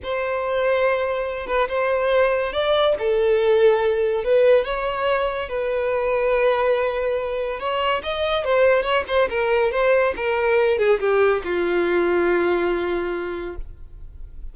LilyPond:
\new Staff \with { instrumentName = "violin" } { \time 4/4 \tempo 4 = 142 c''2.~ c''8 b'8 | c''2 d''4 a'4~ | a'2 b'4 cis''4~ | cis''4 b'2.~ |
b'2 cis''4 dis''4 | c''4 cis''8 c''8 ais'4 c''4 | ais'4. gis'8 g'4 f'4~ | f'1 | }